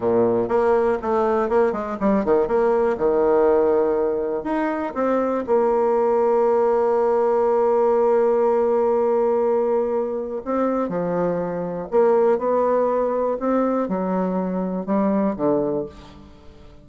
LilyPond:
\new Staff \with { instrumentName = "bassoon" } { \time 4/4 \tempo 4 = 121 ais,4 ais4 a4 ais8 gis8 | g8 dis8 ais4 dis2~ | dis4 dis'4 c'4 ais4~ | ais1~ |
ais1~ | ais4 c'4 f2 | ais4 b2 c'4 | fis2 g4 d4 | }